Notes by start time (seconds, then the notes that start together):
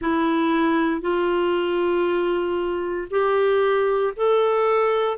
0.00 E4
1.01 F4
3.10 G4
4.16 A4